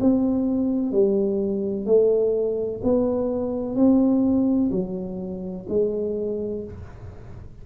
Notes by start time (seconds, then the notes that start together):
0.00 C4
0.91 G3
1.86 A3
2.83 B3
3.75 C4
4.71 F#3
5.69 G#3